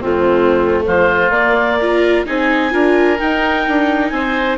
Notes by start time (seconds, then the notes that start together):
0.00 F2 A3 C4 F4
0.84 F3 F4 C5
1.30 A#3 D5
1.79 F4 A#4
2.25 C4 D#4 G#4 G#5
2.70 D4 F4 A#4
3.19 D#4 G5
3.67 D4
4.09 C4 C5 G#5